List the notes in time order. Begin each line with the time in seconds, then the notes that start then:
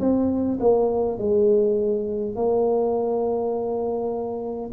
0.00 C4
0.60 A#3
1.19 G#3
2.36 A#3